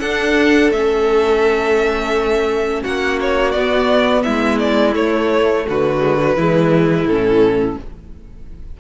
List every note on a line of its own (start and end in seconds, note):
0.00 0.71 D4
0.00 0.74 D4
0.00 2.82 A4
0.00 0.71 F#5
0.71 2.82 A3
0.71 3.55 C#4
0.71 2.84 E5
2.82 3.55 A#3
2.82 4.23 F#4
2.82 3.19 F#5
3.21 3.52 C#5
3.52 4.25 B3
3.52 4.92 B3
3.52 4.22 D5
4.24 4.96 G#3
4.24 5.66 E4
4.24 4.59 E5
4.59 4.95 D5
4.92 5.98 A3
4.92 5.66 A3
4.92 5.66 C#5
5.68 6.37 D3
5.68 6.36 F#4
5.68 7.07 B4
5.99 6.17 G#3
6.17 6.35 F#3
6.36 7.05 E3
6.36 7.09 G#3
6.36 7.77 E4
7.05 7.76 A2
7.05 7.80 C#4
7.05 7.77 A4